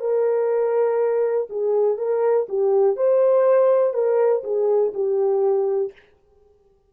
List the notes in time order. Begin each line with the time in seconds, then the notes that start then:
0.00 A#4
1.50 G#4
1.98 A#4
2.49 G4
2.96 C5
3.93 A#4
4.44 G#4
4.94 G4